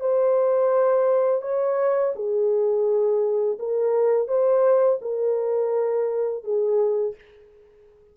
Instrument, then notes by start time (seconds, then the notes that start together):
horn
0.00 C5
1.42 C#5
2.15 G#4
3.59 A#4
4.27 C5
5.01 A#4
6.44 G#4